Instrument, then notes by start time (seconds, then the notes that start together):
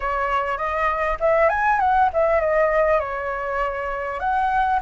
flute
0.00 C#5
0.57 D#5
1.20 E5
1.49 G#5
1.79 F#5
2.13 E5
2.40 D#5
2.99 C#5
4.19 F#5